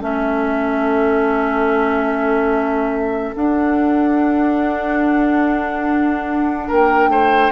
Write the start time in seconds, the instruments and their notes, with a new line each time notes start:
0.00 bassoon A3, clarinet C#4, oboe A4, flute E5
3.36 bassoon D4, clarinet D4, flute F#5
6.68 bassoon A#3, oboe A#4, flute G5
7.08 bassoon A3, oboe C5